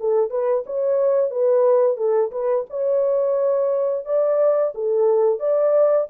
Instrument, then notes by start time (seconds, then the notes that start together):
horn
0.00 A4
0.30 B4
0.66 C#5
1.31 B4
1.97 A4
2.32 B4
2.70 C#5
4.05 D5
4.75 A4
5.40 D5